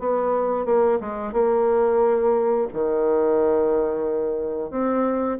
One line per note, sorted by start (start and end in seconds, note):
0.00 0.66 B3
0.66 1.00 A#3
1.01 1.33 G#3
1.33 2.68 A#3
2.73 4.71 D#3
4.71 5.39 C4